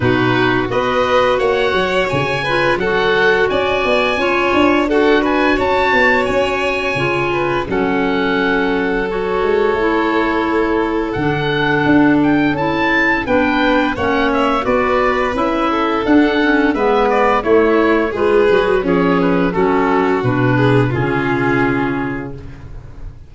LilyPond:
<<
  \new Staff \with { instrumentName = "oboe" } { \time 4/4 \tempo 4 = 86 b'4 dis''4 fis''4 gis''4 | fis''4 gis''2 fis''8 gis''8 | a''4 gis''2 fis''4~ | fis''4 cis''2. |
fis''4. g''8 a''4 g''4 | fis''8 e''8 d''4 e''4 fis''4 | e''8 d''8 cis''4 b'4 cis''8 b'8 | a'4 b'4 gis'2 | }
  \new Staff \with { instrumentName = "violin" } { \time 4/4 fis'4 b'4 cis''4. b'8 | a'4 d''4 cis''4 a'8 b'8 | cis''2~ cis''8 b'8 a'4~ | a'1~ |
a'2. b'4 | cis''4 b'4. a'4. | b'4 e'4 gis'4 cis'4 | fis'4. gis'8 f'2 | }
  \new Staff \with { instrumentName = "clarinet" } { \time 4/4 dis'4 fis'2~ fis'8 f'8 | fis'2 f'4 fis'4~ | fis'2 f'4 cis'4~ | cis'4 fis'4 e'2 |
d'2 e'4 d'4 | cis'4 fis'4 e'4 d'8 cis'8 | b4 a4 f'8 fis'8 gis'4 | cis'4 d'4 cis'2 | }
  \new Staff \with { instrumentName = "tuba" } { \time 4/4 b,4 b4 ais8 fis8 cis4 | fis4 cis'8 b8 cis'8 d'4. | cis'8 b8 cis'4 cis4 fis4~ | fis4. gis8 a2 |
d4 d'4 cis'4 b4 | ais4 b4 cis'4 d'4 | gis4 a4 gis8 fis8 f4 | fis4 b,4 cis2 | }
>>